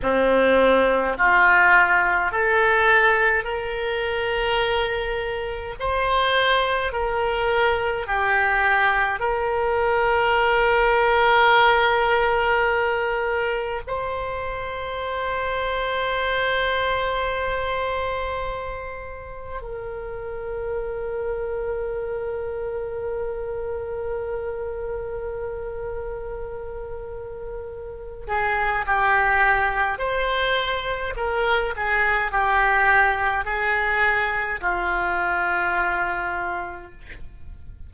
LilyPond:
\new Staff \with { instrumentName = "oboe" } { \time 4/4 \tempo 4 = 52 c'4 f'4 a'4 ais'4~ | ais'4 c''4 ais'4 g'4 | ais'1 | c''1~ |
c''4 ais'2.~ | ais'1~ | ais'8 gis'8 g'4 c''4 ais'8 gis'8 | g'4 gis'4 f'2 | }